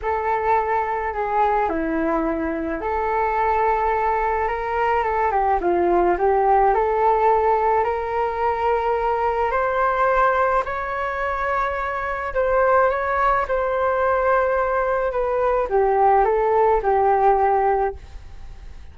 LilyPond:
\new Staff \with { instrumentName = "flute" } { \time 4/4 \tempo 4 = 107 a'2 gis'4 e'4~ | e'4 a'2. | ais'4 a'8 g'8 f'4 g'4 | a'2 ais'2~ |
ais'4 c''2 cis''4~ | cis''2 c''4 cis''4 | c''2. b'4 | g'4 a'4 g'2 | }